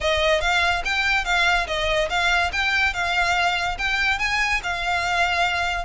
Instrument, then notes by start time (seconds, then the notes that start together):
violin
0.01 D#5
0.41 F5
0.84 G5
1.24 F5
1.67 D#5
2.09 F5
2.52 G5
2.93 F5
3.78 G5
4.18 G#5
4.63 F5